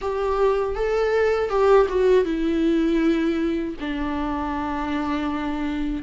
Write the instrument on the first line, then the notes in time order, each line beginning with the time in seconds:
viola
0.01 G4
0.75 A4
1.49 G4
1.89 F#4
2.25 E4
3.80 D4